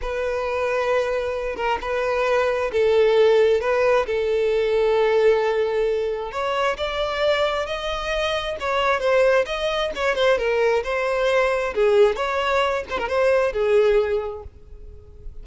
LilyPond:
\new Staff \with { instrumentName = "violin" } { \time 4/4 \tempo 4 = 133 b'2.~ b'8 ais'8 | b'2 a'2 | b'4 a'2.~ | a'2 cis''4 d''4~ |
d''4 dis''2 cis''4 | c''4 dis''4 cis''8 c''8 ais'4 | c''2 gis'4 cis''4~ | cis''8 c''16 ais'16 c''4 gis'2 | }